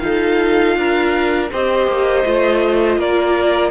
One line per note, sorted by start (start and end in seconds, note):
0.00 0.77 D#4
0.00 1.49 F4
0.00 0.78 A4
0.00 1.48 F5
0.77 1.51 D4
0.77 1.52 A#4
1.52 1.88 C4
1.52 2.25 G4
1.52 2.99 C5
1.52 3.01 D#5
1.88 2.25 A#3
2.25 2.98 A3
2.25 3.71 F4
2.98 3.71 A#3
2.98 3.71 A#4
2.98 3.71 D5